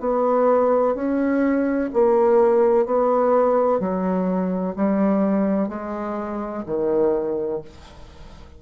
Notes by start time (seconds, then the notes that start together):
0.00 B3
0.95 C#4
1.93 A#3
2.86 B3
3.80 F#3
4.76 G3
5.68 G#3
6.66 D#3